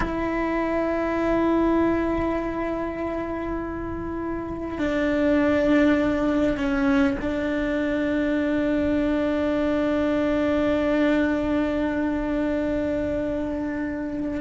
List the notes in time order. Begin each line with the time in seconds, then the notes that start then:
0.00 E4
4.78 D4
6.57 C#4
7.21 D4